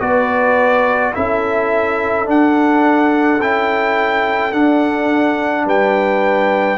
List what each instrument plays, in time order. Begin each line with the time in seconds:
0.00 tuba B3, trombone F#4, horn B4, trumpet D5
1.13 tuba C#4, trombone E4, horn A4, trumpet E5
2.25 trombone D4, tuba D4, trumpet F#5
3.41 tuba C#4, trombone E4, trumpet G5
4.52 trombone D4, tuba D4, trumpet F#5
5.65 tuba G3, horn B4, trumpet G5